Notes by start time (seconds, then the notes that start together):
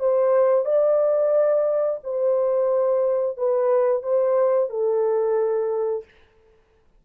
0.00 C5
0.66 D5
2.04 C5
3.38 B4
4.03 C5
4.70 A4